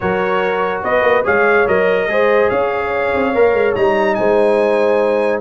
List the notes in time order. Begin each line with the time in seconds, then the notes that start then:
0.00 F#3 F#4 A#4 C#5
0.83 B3 B4 D#5
1.02 A#3
1.24 G#3 G#4 C#5 F5
1.67 F#3 A#4 D#5
2.07 G#3 G#4 C5
2.49 C#4 C#5 F5
3.13 C4
3.34 A#3 A#4
3.53 G#3
3.75 G3 D#4 A#5
4.14 G#3 C5 G#5